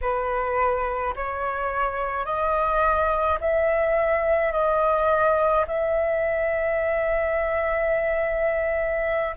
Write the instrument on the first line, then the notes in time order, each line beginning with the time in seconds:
flute
0.01 B4
1.15 C#5
2.25 D#5
3.40 E5
4.51 D#5
5.67 E5